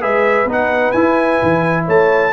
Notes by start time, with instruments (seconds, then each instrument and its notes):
0.00 tuba G#3, trombone G#4, horn B4, trumpet E5
0.45 tuba B3, trombone D#4
0.52 trumpet F#5
0.91 tuba E4, trombone E4, trumpet G#5
1.42 tuba E3
1.85 tuba A3, horn C#5, trumpet A5